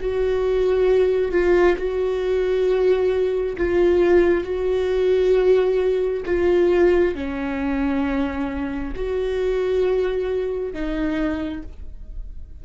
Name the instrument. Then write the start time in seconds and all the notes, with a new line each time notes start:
viola
0.00 F#4
1.31 F4
1.77 F#4
3.57 F4
4.44 F#4
6.25 F4
7.14 C#4
8.95 F#4
10.73 D#4